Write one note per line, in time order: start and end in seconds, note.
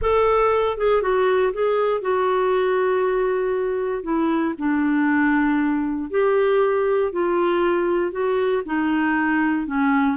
0.01 0.77 A4
0.77 1.02 G#4
1.02 1.53 F#4
1.53 2.01 G#4
2.01 4.03 F#4
4.03 4.54 E4
4.58 6.10 D4
6.10 7.12 G4
7.12 8.11 F4
8.11 8.62 F#4
8.65 9.67 D#4
9.67 10.16 C#4